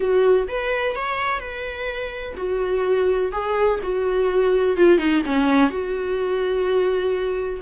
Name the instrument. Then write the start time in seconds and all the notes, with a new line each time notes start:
viola
0.00 F#4
0.48 B4
0.95 C#5
1.39 B4
2.36 F#4
3.32 G#4
3.82 F#4
4.76 F4
4.98 D#4
5.25 C#4
5.69 F#4